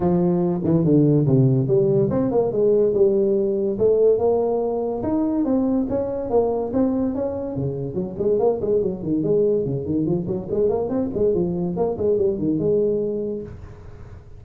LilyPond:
\new Staff \with { instrumentName = "tuba" } { \time 4/4 \tempo 4 = 143 f4. e8 d4 c4 | g4 c'8 ais8 gis4 g4~ | g4 a4 ais2 | dis'4 c'4 cis'4 ais4 |
c'4 cis'4 cis4 fis8 gis8 | ais8 gis8 fis8 dis8 gis4 cis8 dis8 | f8 fis8 gis8 ais8 c'8 gis8 f4 | ais8 gis8 g8 dis8 gis2 | }